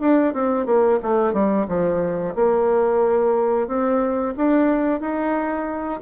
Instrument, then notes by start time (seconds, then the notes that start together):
bassoon
0.00 D4
0.33 C4
0.66 A#3
1.02 A3
1.33 G3
1.68 F3
2.35 A#3
3.67 C4
4.36 D4
5.00 D#4